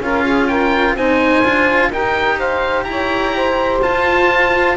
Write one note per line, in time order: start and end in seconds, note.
0.00 0.93 C#4
0.00 0.97 F4
0.00 0.24 A#4
0.00 0.47 F5
0.24 0.47 G#4
0.47 0.95 A#4
0.47 0.95 G5
0.93 1.40 C4
0.93 1.44 D#4
0.93 1.89 C5
0.93 1.92 G#5
1.43 1.89 D4
1.43 1.91 F4
1.89 2.84 D#4
1.89 3.82 G4
1.89 2.37 A#4
1.89 2.39 G5
2.38 2.86 C5
2.38 2.84 F5
2.84 3.79 E4
2.84 3.35 C#5
2.84 3.79 A#5
3.35 4.77 C5
3.82 4.77 F4
3.82 4.77 A5